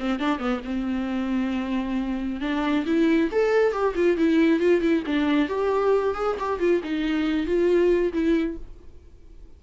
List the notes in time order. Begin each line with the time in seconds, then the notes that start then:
0.00 C4
0.19 D4
0.39 B3
0.65 C4
2.41 D4
2.86 E4
3.32 A4
3.73 G4
3.95 F4
4.18 E4
4.60 F4
4.81 E4
5.07 D4
5.49 G4
6.15 G#4
6.40 G4
6.60 F4
6.84 D#4
7.47 F4
8.13 E4